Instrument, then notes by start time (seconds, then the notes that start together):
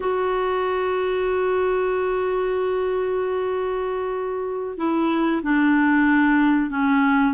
clarinet
0.00 F#4
4.77 E4
5.43 D4
6.70 C#4